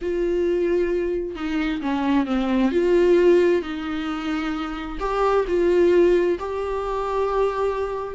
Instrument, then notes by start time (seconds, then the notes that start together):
viola
0.01 F4
1.35 D#4
1.81 C#4
2.26 C4
2.71 F4
3.62 D#4
4.99 G4
5.47 F4
6.39 G4